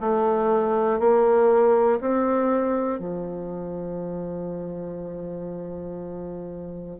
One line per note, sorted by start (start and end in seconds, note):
0.00 1.00 A3
1.00 2.00 A#3
2.00 3.00 C4
3.00 7.00 F3